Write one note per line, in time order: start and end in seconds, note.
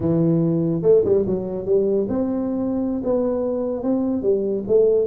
0.00 0.82 E3
0.82 1.03 A3
1.04 1.25 G3
1.26 1.65 F#3
1.65 2.07 G3
2.09 3.02 C4
3.04 3.83 B3
3.83 4.22 C4
4.22 4.63 G3
4.67 5.07 A3